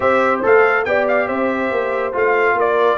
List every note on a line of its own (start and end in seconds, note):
0.00 0.43 C4
0.00 0.42 G4
0.00 0.86 C5
0.00 0.40 E5
0.42 0.86 A3
0.42 0.85 A4
0.42 0.84 F5
0.84 1.28 B3
0.84 2.12 G4
0.84 1.27 D5
0.84 1.06 G5
1.07 1.28 F5
1.27 1.71 C4
1.27 2.55 C5
1.27 2.13 E5
1.71 2.14 A#3
2.12 2.54 A3
2.12 2.97 F4
2.12 2.59 F5
2.54 2.97 A#3
2.54 2.97 A#4
2.54 2.97 D5